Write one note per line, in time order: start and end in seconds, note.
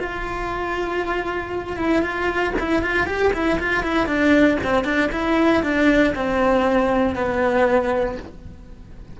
0.00 1.77 F4
1.77 2.02 E4
2.02 2.53 F4
2.59 2.82 E4
2.82 3.06 F4
3.06 3.32 G4
3.33 3.59 E4
3.59 3.83 F4
3.83 4.06 E4
4.06 4.58 D4
4.63 4.84 C4
4.84 5.10 D4
5.12 5.63 E4
5.63 6.14 D4
6.15 7.15 C4
7.15 8.18 B3